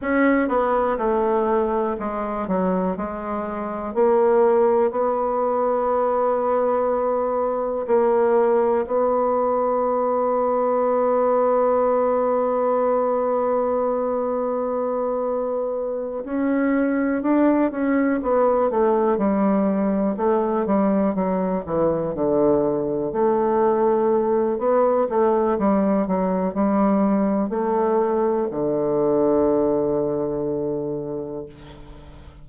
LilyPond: \new Staff \with { instrumentName = "bassoon" } { \time 4/4 \tempo 4 = 61 cis'8 b8 a4 gis8 fis8 gis4 | ais4 b2. | ais4 b2.~ | b1~ |
b8 cis'4 d'8 cis'8 b8 a8 g8~ | g8 a8 g8 fis8 e8 d4 a8~ | a4 b8 a8 g8 fis8 g4 | a4 d2. | }